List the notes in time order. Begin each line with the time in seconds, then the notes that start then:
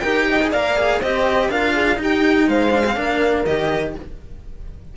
0.00 D#4 G4 A#4 G5
0.29 D#5
0.42 G#4
0.51 A#3 A#4 D5 F5
0.77 G#4
0.99 C4 G4 C5 D#5
1.49 D4 F4 A#4 F5
1.73 G#4
1.95 D#4 G4
2.03 G5
2.47 G#3 C5 F5
2.71 D4
2.86 C4
2.96 A#3 D4 A#4
3.45 D#3 G4 D#5